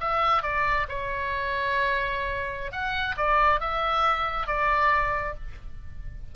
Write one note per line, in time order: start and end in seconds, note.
0.00 0.43 E5
0.43 0.86 D5
0.88 2.72 C#5
2.72 3.15 F#5
3.17 3.60 D5
3.60 4.47 E5
4.47 5.34 D5